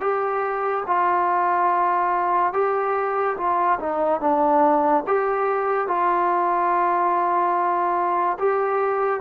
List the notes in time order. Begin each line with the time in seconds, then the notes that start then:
0.00 G4
0.87 F4
2.53 G4
3.37 F4
3.79 D#4
4.20 D4
5.06 G4
5.87 F4
8.39 G4